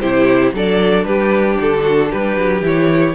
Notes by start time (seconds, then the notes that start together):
0.00 C3 E4 G4 C5
0.53 F#3 D4 A4 D5
1.05 G3 G4 B4
1.61 D3 A4
1.83 F#4
2.11 G3 G4 B4
2.37 F#3
2.62 E3 E4 C#5